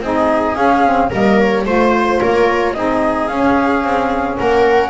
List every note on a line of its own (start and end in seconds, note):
0.00 0.55 C4
0.00 0.55 D#4
0.00 1.10 G#4
0.00 0.55 D#5
0.55 0.82 C#4
0.55 1.10 C#4
0.55 1.10 F5
0.84 1.10 C4
1.10 1.65 G3
1.10 1.65 A#3
1.10 1.64 A#4
1.10 1.39 D#5
1.39 1.66 C#5
1.65 2.19 A3
1.65 2.75 F4
1.65 2.20 C5
2.20 2.75 A#3
2.20 2.74 A#4
2.20 2.73 C#5
2.73 3.29 C4
2.73 3.29 D#4
2.73 4.40 G#4
2.73 3.27 D#5
3.27 3.83 C#4
3.27 4.90 C#4
3.27 4.36 F5
3.83 4.38 C4
4.38 4.90 A#3
4.38 4.90 A#4
4.38 4.90 F#5